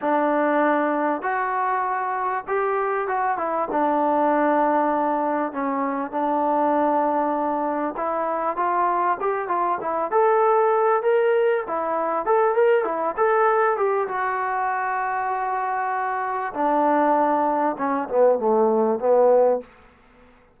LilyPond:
\new Staff \with { instrumentName = "trombone" } { \time 4/4 \tempo 4 = 98 d'2 fis'2 | g'4 fis'8 e'8 d'2~ | d'4 cis'4 d'2~ | d'4 e'4 f'4 g'8 f'8 |
e'8 a'4. ais'4 e'4 | a'8 ais'8 e'8 a'4 g'8 fis'4~ | fis'2. d'4~ | d'4 cis'8 b8 a4 b4 | }